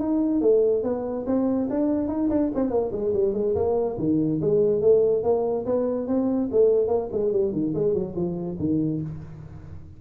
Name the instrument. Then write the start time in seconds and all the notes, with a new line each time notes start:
tuba
0.00 D#4
0.42 A3
0.84 B3
1.27 C4
1.71 D4
2.08 D#4
2.30 D4
2.55 C4
2.71 A#3
2.92 G#3
3.14 G3
3.34 G#3
3.56 A#3
3.99 D#3
4.42 G#3
4.82 A3
5.24 A#3
5.66 B3
6.08 C4
6.52 A3
6.88 A#3
7.13 G#3
7.32 G3
7.53 D#3
7.75 G#3
7.94 F#3
8.16 F3
8.60 D#3